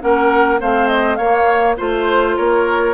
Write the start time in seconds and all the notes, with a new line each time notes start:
0.00 A#3 C#4 A#4 F#5
0.60 A3 C4 C5 F5
0.88 D#5
1.15 A#3 C#5 F5
1.77 A3 F4 C5
2.36 A#3 A#4 C#5